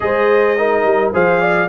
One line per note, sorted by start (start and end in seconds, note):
0.00 0.84 G#3
0.00 0.56 G#4
0.00 0.57 C5
0.00 1.11 D#5
0.57 1.13 D#4
0.57 1.13 A#4
0.84 1.12 G3
1.13 1.68 F3
1.13 1.68 G#4
1.13 1.40 C5
1.13 1.68 F5
1.40 1.68 D5